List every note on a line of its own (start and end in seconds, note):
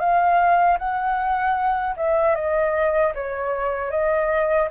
0.00 0.78 F5
0.79 1.96 F#5
1.97 2.36 E5
2.36 3.13 D#5
3.15 3.91 C#5
3.91 4.69 D#5